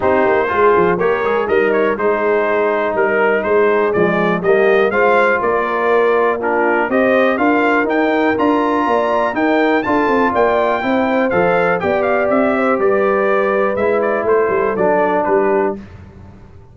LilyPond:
<<
  \new Staff \with { instrumentName = "trumpet" } { \time 4/4 \tempo 4 = 122 c''2 cis''4 dis''8 cis''8 | c''2 ais'4 c''4 | d''4 dis''4 f''4 d''4~ | d''4 ais'4 dis''4 f''4 |
g''4 ais''2 g''4 | a''4 g''2 f''4 | g''8 f''8 e''4 d''2 | e''8 d''8 c''4 d''4 b'4 | }
  \new Staff \with { instrumentName = "horn" } { \time 4/4 g'4 gis'4 ais'4 dis'4 | gis'2 ais'4 gis'4~ | gis'4 g'4 c''4 ais'4~ | ais'4 f'4 c''4 ais'4~ |
ais'2 d''4 ais'4 | a'4 d''4 c''2 | d''4. c''8 b'2~ | b'4 a'2 g'4 | }
  \new Staff \with { instrumentName = "trombone" } { \time 4/4 dis'4 f'4 g'8 gis'8 ais'4 | dis'1 | gis4 ais4 f'2~ | f'4 d'4 g'4 f'4 |
dis'4 f'2 dis'4 | f'2 e'4 a'4 | g'1 | e'2 d'2 | }
  \new Staff \with { instrumentName = "tuba" } { \time 4/4 c'8 ais8 gis8 f8 ais8 gis8 g4 | gis2 g4 gis4 | f4 g4 gis4 ais4~ | ais2 c'4 d'4 |
dis'4 d'4 ais4 dis'4 | d'8 c'8 ais4 c'4 f4 | b4 c'4 g2 | gis4 a8 g8 fis4 g4 | }
>>